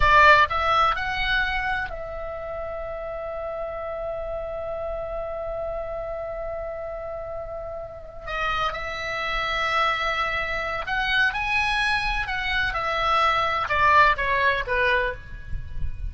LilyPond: \new Staff \with { instrumentName = "oboe" } { \time 4/4 \tempo 4 = 127 d''4 e''4 fis''2 | e''1~ | e''1~ | e''1~ |
e''4. dis''4 e''4.~ | e''2. fis''4 | gis''2 fis''4 e''4~ | e''4 d''4 cis''4 b'4 | }